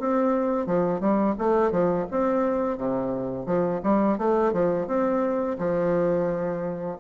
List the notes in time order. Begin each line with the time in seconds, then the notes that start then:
0.00 C4
0.67 F3
1.01 G3
1.39 A3
1.72 F3
2.11 C4
2.78 C3
3.46 F3
3.84 G3
4.19 A3
4.53 F3
4.88 C4
5.59 F3